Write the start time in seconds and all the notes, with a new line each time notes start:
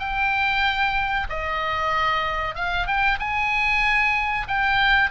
0.00 G5
1.30 D#5
2.55 F5
2.87 G5
3.20 G#5
4.49 G5